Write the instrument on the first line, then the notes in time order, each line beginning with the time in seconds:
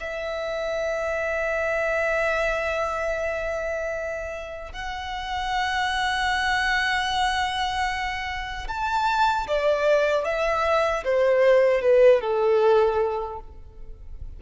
violin
0.00 E5
4.73 F#5
8.68 A5
9.48 D5
10.25 E5
11.05 C5
11.82 B4
12.22 A4